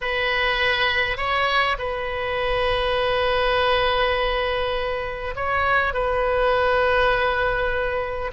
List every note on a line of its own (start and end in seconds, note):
0.01 1.17 B4
1.17 1.76 C#5
1.78 5.34 B4
5.35 5.93 C#5
5.93 8.31 B4